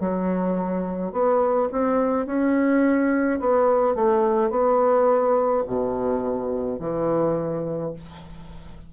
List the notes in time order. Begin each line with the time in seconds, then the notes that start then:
0.00 F#3
1.13 B3
1.72 C4
2.26 C#4
3.40 B3
3.96 A3
4.50 B3
5.67 B2
6.80 E3